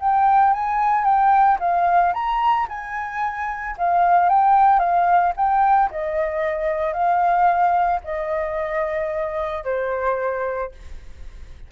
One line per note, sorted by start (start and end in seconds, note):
0.00 0.53 G5
0.53 1.05 G#5
1.05 1.58 G5
1.60 2.13 F5
2.14 2.67 A#5
2.69 3.76 G#5
3.78 4.30 F5
4.30 4.79 G5
4.79 5.33 F5
5.37 5.90 G5
5.91 6.94 D#5
6.94 8.01 F5
8.05 9.65 D#5
9.65 10.72 C5